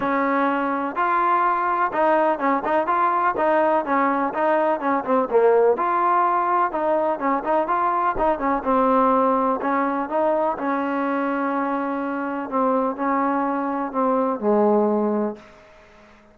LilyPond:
\new Staff \with { instrumentName = "trombone" } { \time 4/4 \tempo 4 = 125 cis'2 f'2 | dis'4 cis'8 dis'8 f'4 dis'4 | cis'4 dis'4 cis'8 c'8 ais4 | f'2 dis'4 cis'8 dis'8 |
f'4 dis'8 cis'8 c'2 | cis'4 dis'4 cis'2~ | cis'2 c'4 cis'4~ | cis'4 c'4 gis2 | }